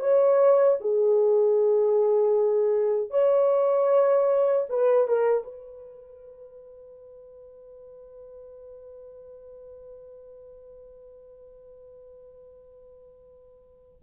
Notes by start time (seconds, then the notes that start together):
0.00 C#5
0.81 G#4
3.11 C#5
4.70 B4
5.08 A#4
5.44 B4